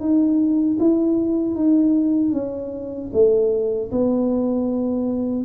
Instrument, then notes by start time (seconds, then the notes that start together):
tuba
0.00 D#4
0.79 E4
1.55 D#4
2.33 C#4
3.13 A3
3.91 B3